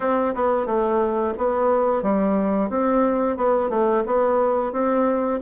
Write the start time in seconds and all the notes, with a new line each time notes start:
0.00 C4
0.35 B3
0.66 A3
1.37 B3
2.02 G3
2.69 C4
3.36 B3
3.69 A3
4.05 B3
4.72 C4